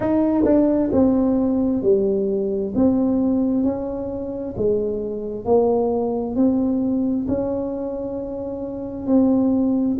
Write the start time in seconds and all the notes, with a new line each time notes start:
0.00 D#4
0.45 D4
0.92 C4
1.82 G3
2.75 C4
3.63 C#4
4.56 G#3
5.45 A#3
6.35 C4
7.28 C#4
9.07 C4